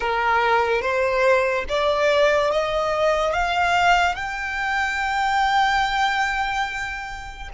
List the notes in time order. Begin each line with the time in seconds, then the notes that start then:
0.00 A#4
0.81 C5
1.69 D5
2.51 D#5
3.33 F5
4.15 G5